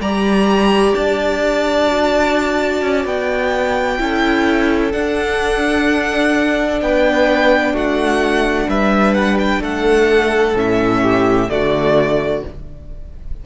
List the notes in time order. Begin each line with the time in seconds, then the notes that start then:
0.00 G3 G4 D5 A#5
0.95 D4 A5
1.88 F#4
2.81 C#4
3.05 B3 G5
3.98 C#4 E4 A4
4.92 D4 F#5
6.81 B3 B4 G5
7.73 A3 F#4 F#5
8.67 G3 B4 E5
9.14 F#5
9.38 G5
9.61 A3 A4 F#5
10.54 A2 C#4 E5
11.02 G4
11.48 D3 A3 F#4 D5